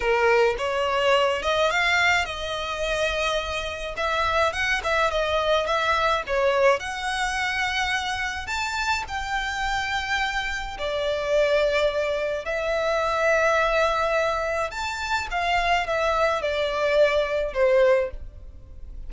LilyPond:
\new Staff \with { instrumentName = "violin" } { \time 4/4 \tempo 4 = 106 ais'4 cis''4. dis''8 f''4 | dis''2. e''4 | fis''8 e''8 dis''4 e''4 cis''4 | fis''2. a''4 |
g''2. d''4~ | d''2 e''2~ | e''2 a''4 f''4 | e''4 d''2 c''4 | }